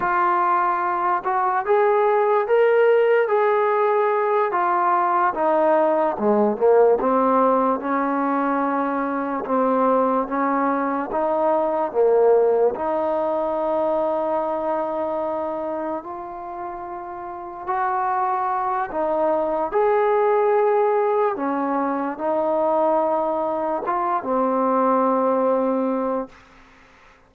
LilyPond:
\new Staff \with { instrumentName = "trombone" } { \time 4/4 \tempo 4 = 73 f'4. fis'8 gis'4 ais'4 | gis'4. f'4 dis'4 gis8 | ais8 c'4 cis'2 c'8~ | c'8 cis'4 dis'4 ais4 dis'8~ |
dis'2.~ dis'8 f'8~ | f'4. fis'4. dis'4 | gis'2 cis'4 dis'4~ | dis'4 f'8 c'2~ c'8 | }